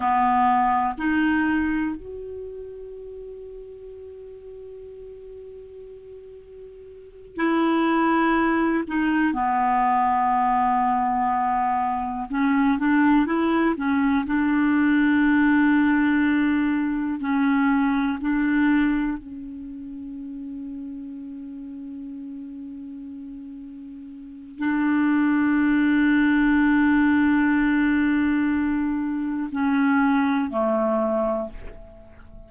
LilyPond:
\new Staff \with { instrumentName = "clarinet" } { \time 4/4 \tempo 4 = 61 b4 dis'4 fis'2~ | fis'2.~ fis'8 e'8~ | e'4 dis'8 b2~ b8~ | b8 cis'8 d'8 e'8 cis'8 d'4.~ |
d'4. cis'4 d'4 cis'8~ | cis'1~ | cis'4 d'2.~ | d'2 cis'4 a4 | }